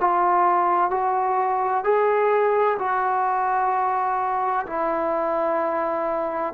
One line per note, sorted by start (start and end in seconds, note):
0.00 0.90 F4
0.90 1.84 F#4
1.84 2.77 G#4
2.78 4.66 F#4
4.66 6.53 E4